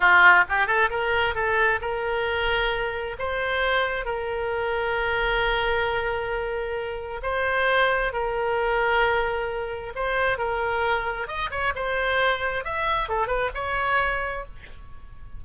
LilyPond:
\new Staff \with { instrumentName = "oboe" } { \time 4/4 \tempo 4 = 133 f'4 g'8 a'8 ais'4 a'4 | ais'2. c''4~ | c''4 ais'2.~ | ais'1 |
c''2 ais'2~ | ais'2 c''4 ais'4~ | ais'4 dis''8 cis''8 c''2 | e''4 a'8 b'8 cis''2 | }